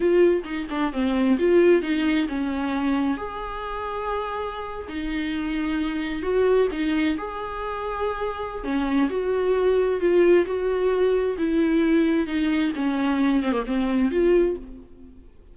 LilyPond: \new Staff \with { instrumentName = "viola" } { \time 4/4 \tempo 4 = 132 f'4 dis'8 d'8 c'4 f'4 | dis'4 cis'2 gis'4~ | gis'2~ gis'8. dis'4~ dis'16~ | dis'4.~ dis'16 fis'4 dis'4 gis'16~ |
gis'2. cis'4 | fis'2 f'4 fis'4~ | fis'4 e'2 dis'4 | cis'4. c'16 ais16 c'4 f'4 | }